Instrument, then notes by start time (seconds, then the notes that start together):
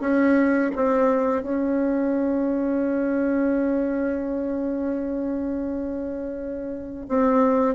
bassoon
0.00 C#4
0.75 C4
1.42 C#4
7.08 C4